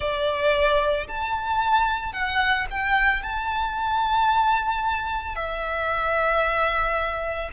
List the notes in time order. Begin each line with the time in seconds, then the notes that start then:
0.00 D5
1.07 A5
2.12 F#5
2.70 G5
3.22 A5
5.35 E5